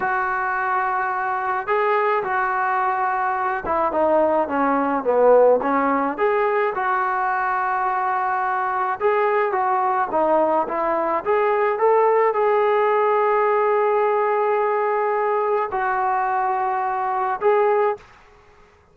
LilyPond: \new Staff \with { instrumentName = "trombone" } { \time 4/4 \tempo 4 = 107 fis'2. gis'4 | fis'2~ fis'8 e'8 dis'4 | cis'4 b4 cis'4 gis'4 | fis'1 |
gis'4 fis'4 dis'4 e'4 | gis'4 a'4 gis'2~ | gis'1 | fis'2. gis'4 | }